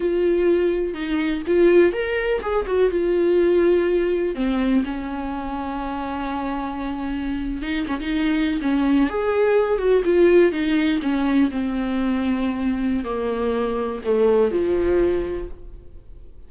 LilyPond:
\new Staff \with { instrumentName = "viola" } { \time 4/4 \tempo 4 = 124 f'2 dis'4 f'4 | ais'4 gis'8 fis'8 f'2~ | f'4 c'4 cis'2~ | cis'2.~ cis'8. dis'16~ |
dis'16 cis'16 dis'4~ dis'16 cis'4 gis'4~ gis'16~ | gis'16 fis'8 f'4 dis'4 cis'4 c'16~ | c'2. ais4~ | ais4 a4 f2 | }